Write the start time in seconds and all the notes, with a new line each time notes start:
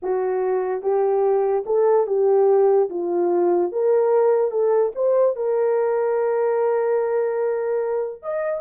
0.02 F#4
0.82 G4
1.66 A4
2.07 G4
2.89 F4
3.72 A#4
4.51 A4
4.95 C5
5.36 A#4
8.22 D#5